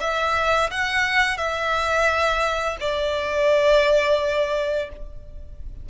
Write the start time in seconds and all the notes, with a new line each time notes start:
0.00 E5
0.70 F#5
1.37 E5
2.80 D5